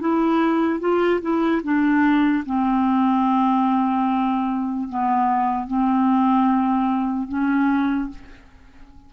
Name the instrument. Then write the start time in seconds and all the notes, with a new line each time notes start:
clarinet
0.00 E4
0.80 F4
1.21 E4
1.63 D4
2.45 C4
4.89 B3
5.67 C4
7.28 C#4